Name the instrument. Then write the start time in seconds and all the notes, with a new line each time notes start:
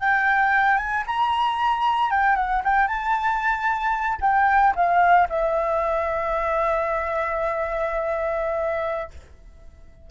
flute
0.00 G5
0.78 G#5
1.07 A#5
2.11 G5
2.36 F#5
2.65 G5
2.88 A5
4.21 G5
4.76 F5
5.29 E5